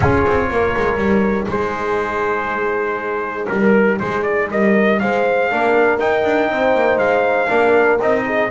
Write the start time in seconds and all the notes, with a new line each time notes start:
0.00 C#4 F4 G#4 C#5
0.26 C4
0.50 A#3 A#4
0.76 G#3
0.97 G3 D#4
1.48 G#3 G#4 C5
3.47 G3 A#4
3.99 G#3 G#4 C5
4.22 D5
4.50 G3 A#4 D#5
4.99 G#3 C5 F5
5.50 A#3 D4 A#4
5.99 D#4 G5
6.24 D4
6.49 C4 C5
6.74 A#3
6.97 G#3 F5
7.48 A#3 D4 A#4
8.00 C4 D#4 D#5
8.25 G#4